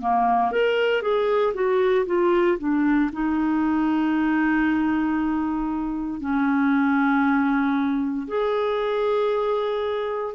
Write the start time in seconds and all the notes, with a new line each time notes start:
0.00 A#3
0.51 A#4
1.02 G#4
1.54 F#4
2.06 F4
2.58 D4
3.12 D#4
6.20 C#4
8.28 G#4